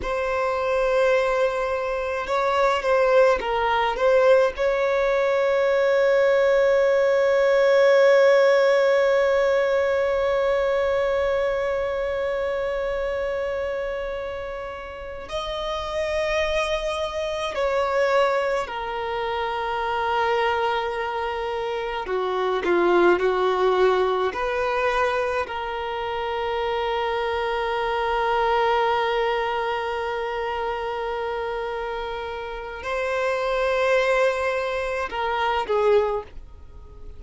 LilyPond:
\new Staff \with { instrumentName = "violin" } { \time 4/4 \tempo 4 = 53 c''2 cis''8 c''8 ais'8 c''8 | cis''1~ | cis''1~ | cis''4. dis''2 cis''8~ |
cis''8 ais'2. fis'8 | f'8 fis'4 b'4 ais'4.~ | ais'1~ | ais'4 c''2 ais'8 gis'8 | }